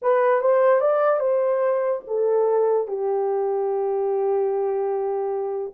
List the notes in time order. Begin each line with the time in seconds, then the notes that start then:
0.01 B4
0.41 C5
0.81 D5
1.19 C5
2.07 A4
2.87 G4